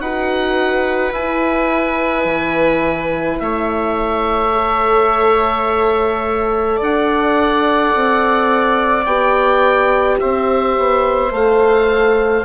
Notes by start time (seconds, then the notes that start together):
0.00 D#4 F#4 B4 F#5
1.12 E4 G#5
2.25 E3
3.40 A3 C#5 E5
4.53 A4
6.77 D4 D5
6.83 F#5
7.95 C4
9.05 B3 G4 G5
10.20 C4 C5 E5
10.78 B3
11.31 A3 A4 F5